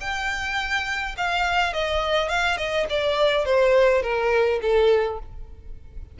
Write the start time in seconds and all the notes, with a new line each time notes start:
0.00 G5
1.17 F5
1.73 D#5
2.28 F5
2.57 D#5
2.89 D5
3.45 C5
4.02 A#4
4.61 A4